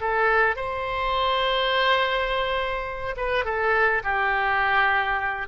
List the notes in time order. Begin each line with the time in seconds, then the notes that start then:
0.00 A4
0.55 C5
3.17 B4
3.45 A4
4.03 G4